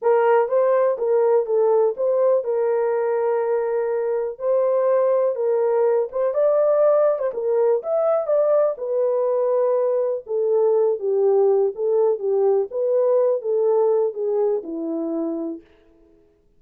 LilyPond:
\new Staff \with { instrumentName = "horn" } { \time 4/4 \tempo 4 = 123 ais'4 c''4 ais'4 a'4 | c''4 ais'2.~ | ais'4 c''2 ais'4~ | ais'8 c''8 d''4.~ d''16 c''16 ais'4 |
e''4 d''4 b'2~ | b'4 a'4. g'4. | a'4 g'4 b'4. a'8~ | a'4 gis'4 e'2 | }